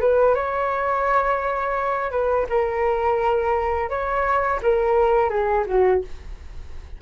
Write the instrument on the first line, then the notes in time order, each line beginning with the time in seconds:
flute
0.00 B4
0.35 C#5
2.11 B4
2.49 A#4
3.89 C#5
4.62 A#4
5.29 G#4
5.66 F#4